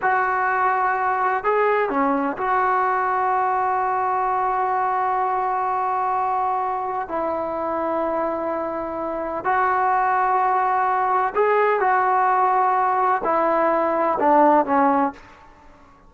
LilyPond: \new Staff \with { instrumentName = "trombone" } { \time 4/4 \tempo 4 = 127 fis'2. gis'4 | cis'4 fis'2.~ | fis'1~ | fis'2. e'4~ |
e'1 | fis'1 | gis'4 fis'2. | e'2 d'4 cis'4 | }